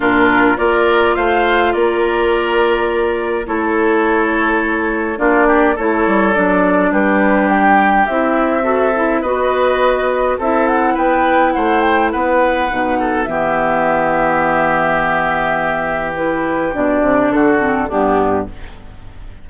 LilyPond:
<<
  \new Staff \with { instrumentName = "flute" } { \time 4/4 \tempo 4 = 104 ais'4 d''4 f''4 d''4~ | d''2 cis''2~ | cis''4 d''4 cis''4 d''4 | b'4 g''4 e''2 |
dis''2 e''8 fis''8 g''4 | fis''8 g''8 fis''2 e''4~ | e''1 | b'4 d''4 a'4 g'4 | }
  \new Staff \with { instrumentName = "oboe" } { \time 4/4 f'4 ais'4 c''4 ais'4~ | ais'2 a'2~ | a'4 f'8 g'8 a'2 | g'2. a'4 |
b'2 a'4 b'4 | c''4 b'4. a'8 g'4~ | g'1~ | g'2 fis'4 d'4 | }
  \new Staff \with { instrumentName = "clarinet" } { \time 4/4 d'4 f'2.~ | f'2 e'2~ | e'4 d'4 e'4 d'4~ | d'2 e'4 fis'8 e'8 |
fis'2 e'2~ | e'2 dis'4 b4~ | b1 | e'4 d'4. c'8 b4 | }
  \new Staff \with { instrumentName = "bassoon" } { \time 4/4 ais,4 ais4 a4 ais4~ | ais2 a2~ | a4 ais4 a8 g8 fis4 | g2 c'2 |
b2 c'4 b4 | a4 b4 b,4 e4~ | e1~ | e4 b,8 c8 d4 g,4 | }
>>